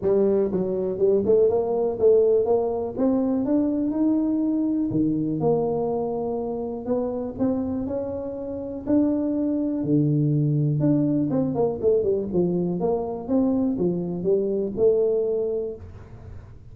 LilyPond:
\new Staff \with { instrumentName = "tuba" } { \time 4/4 \tempo 4 = 122 g4 fis4 g8 a8 ais4 | a4 ais4 c'4 d'4 | dis'2 dis4 ais4~ | ais2 b4 c'4 |
cis'2 d'2 | d2 d'4 c'8 ais8 | a8 g8 f4 ais4 c'4 | f4 g4 a2 | }